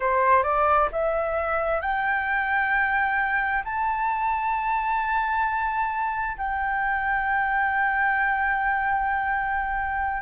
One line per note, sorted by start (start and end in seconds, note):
0.00 0.43 C5
0.43 0.88 D5
0.91 1.81 E5
1.81 3.63 G5
3.64 6.37 A5
6.37 10.22 G5